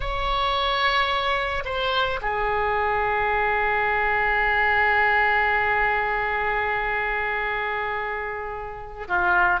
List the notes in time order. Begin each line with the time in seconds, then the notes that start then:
0.00 C#5
1.65 C5
2.21 G#4
9.08 F4